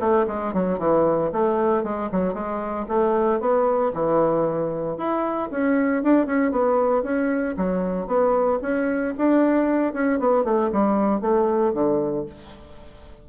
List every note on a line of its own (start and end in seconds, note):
0.00 0.26 A3
0.28 0.54 G#3
0.54 0.79 F#3
0.79 1.31 E3
1.33 1.84 A3
1.84 2.10 G#3
2.12 2.34 F#3
2.34 2.86 G#3
2.89 3.40 A3
3.40 3.92 B3
3.94 4.98 E3
4.98 5.50 E4
5.51 6.03 C#4
6.03 6.27 D4
6.27 6.52 C#4
6.52 7.03 B3
7.03 7.56 C#4
7.57 8.07 F#3
8.07 8.59 B3
8.62 9.14 C#4
9.18 9.94 D4
9.94 10.20 C#4
10.20 10.45 B3
10.45 10.71 A3
10.72 11.22 G3
11.22 11.74 A3
11.74 12.26 D3